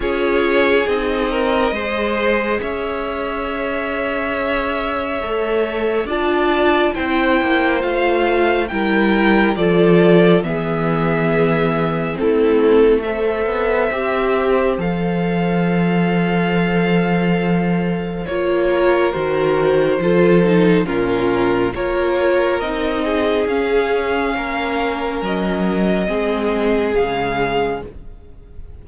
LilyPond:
<<
  \new Staff \with { instrumentName = "violin" } { \time 4/4 \tempo 4 = 69 cis''4 dis''2 e''4~ | e''2. a''4 | g''4 f''4 g''4 d''4 | e''2 a'4 e''4~ |
e''4 f''2.~ | f''4 cis''4 c''2 | ais'4 cis''4 dis''4 f''4~ | f''4 dis''2 f''4 | }
  \new Staff \with { instrumentName = "violin" } { \time 4/4 gis'4. ais'8 c''4 cis''4~ | cis''2. d''4 | c''2 ais'4 a'4 | gis'2 e'4 c''4~ |
c''1~ | c''4. ais'4. a'4 | f'4 ais'4. gis'4. | ais'2 gis'2 | }
  \new Staff \with { instrumentName = "viola" } { \time 4/4 f'4 dis'4 gis'2~ | gis'2 a'4 f'4 | e'4 f'4 e'4 f'4 | b2 c'4 a'4 |
g'4 a'2.~ | a'4 f'4 fis'4 f'8 dis'8 | cis'4 f'4 dis'4 cis'4~ | cis'2 c'4 gis4 | }
  \new Staff \with { instrumentName = "cello" } { \time 4/4 cis'4 c'4 gis4 cis'4~ | cis'2 a4 d'4 | c'8 ais8 a4 g4 f4 | e2 a4. b8 |
c'4 f2.~ | f4 ais4 dis4 f4 | ais,4 ais4 c'4 cis'4 | ais4 fis4 gis4 cis4 | }
>>